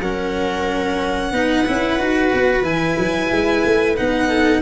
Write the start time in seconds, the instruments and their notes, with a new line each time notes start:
0.00 tuba F#3, cello C#4, viola A#4, violin F#5
1.31 tuba B3, cello D#4, viola B4
1.67 tuba C#4, cello E4
1.99 tuba D#4, cello F#4
2.34 tuba B3
2.62 tuba E3, cello E4, violin G#5
2.98 tuba F#3
3.31 tuba G#3
3.65 tuba A3
3.96 tuba B3, cello D#4, violin F#5
4.28 viola A4